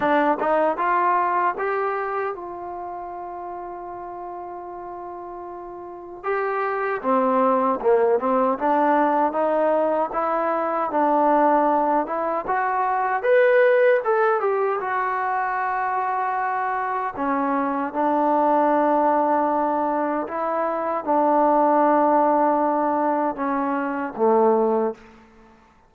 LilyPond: \new Staff \with { instrumentName = "trombone" } { \time 4/4 \tempo 4 = 77 d'8 dis'8 f'4 g'4 f'4~ | f'1 | g'4 c'4 ais8 c'8 d'4 | dis'4 e'4 d'4. e'8 |
fis'4 b'4 a'8 g'8 fis'4~ | fis'2 cis'4 d'4~ | d'2 e'4 d'4~ | d'2 cis'4 a4 | }